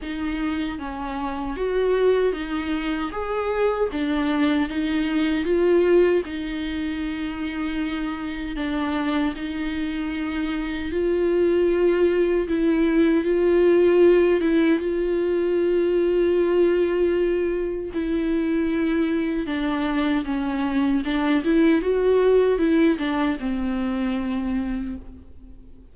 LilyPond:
\new Staff \with { instrumentName = "viola" } { \time 4/4 \tempo 4 = 77 dis'4 cis'4 fis'4 dis'4 | gis'4 d'4 dis'4 f'4 | dis'2. d'4 | dis'2 f'2 |
e'4 f'4. e'8 f'4~ | f'2. e'4~ | e'4 d'4 cis'4 d'8 e'8 | fis'4 e'8 d'8 c'2 | }